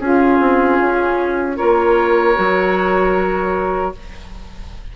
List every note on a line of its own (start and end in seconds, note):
0.00 0.39 C#4
0.00 1.58 C#4
0.00 1.57 F4
0.00 1.57 G#4
0.40 0.79 C4
0.80 1.59 C#4
1.57 2.38 A#3
1.57 2.35 F4
1.57 3.94 A#4
1.57 3.94 C#5
2.35 3.96 F#3
2.35 3.92 F#4